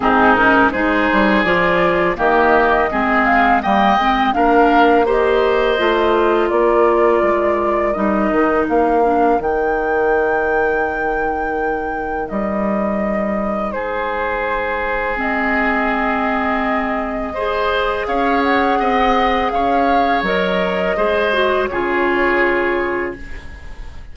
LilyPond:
<<
  \new Staff \with { instrumentName = "flute" } { \time 4/4 \tempo 4 = 83 gis'8 ais'8 c''4 d''4 dis''4~ | dis''8 f''8 g''4 f''4 dis''4~ | dis''4 d''2 dis''4 | f''4 g''2.~ |
g''4 dis''2 c''4~ | c''4 dis''2.~ | dis''4 f''8 fis''4. f''4 | dis''2 cis''2 | }
  \new Staff \with { instrumentName = "oboe" } { \time 4/4 dis'4 gis'2 g'4 | gis'4 dis''4 ais'4 c''4~ | c''4 ais'2.~ | ais'1~ |
ais'2. gis'4~ | gis'1 | c''4 cis''4 dis''4 cis''4~ | cis''4 c''4 gis'2 | }
  \new Staff \with { instrumentName = "clarinet" } { \time 4/4 c'8 cis'8 dis'4 f'4 ais4 | c'4 ais8 c'8 d'4 g'4 | f'2. dis'4~ | dis'8 d'8 dis'2.~ |
dis'1~ | dis'4 c'2. | gis'1 | ais'4 gis'8 fis'8 f'2 | }
  \new Staff \with { instrumentName = "bassoon" } { \time 4/4 gis,4 gis8 g8 f4 dis4 | gis4 g8 gis8 ais2 | a4 ais4 gis4 g8 dis8 | ais4 dis2.~ |
dis4 g2 gis4~ | gis1~ | gis4 cis'4 c'4 cis'4 | fis4 gis4 cis2 | }
>>